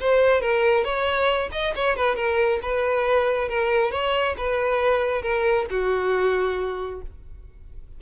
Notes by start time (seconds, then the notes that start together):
0.00 C5
0.41 A#4
0.84 C#5
1.51 D#5
1.75 C#5
1.96 B4
2.16 A#4
2.62 B4
3.48 A#4
3.91 C#5
4.37 B4
5.22 A#4
5.70 F#4